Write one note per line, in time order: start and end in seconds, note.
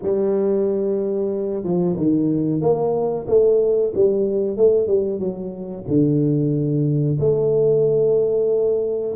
0.02 1.63 G3
1.63 1.96 F3
1.96 2.61 D#3
2.61 3.26 A#3
3.27 3.92 A3
3.95 4.56 G3
4.56 4.87 A3
4.87 5.19 G3
5.19 5.84 F#3
5.87 7.18 D3
7.19 9.15 A3